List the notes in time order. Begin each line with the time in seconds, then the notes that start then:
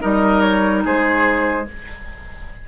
0.00 G3 D#4 A#4 D#5
0.41 C#5
0.85 G#3 G#4 C5